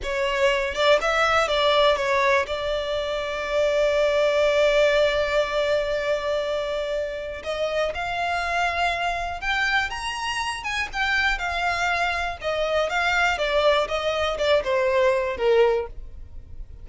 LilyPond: \new Staff \with { instrumentName = "violin" } { \time 4/4 \tempo 4 = 121 cis''4. d''8 e''4 d''4 | cis''4 d''2.~ | d''1~ | d''2. dis''4 |
f''2. g''4 | ais''4. gis''8 g''4 f''4~ | f''4 dis''4 f''4 d''4 | dis''4 d''8 c''4. ais'4 | }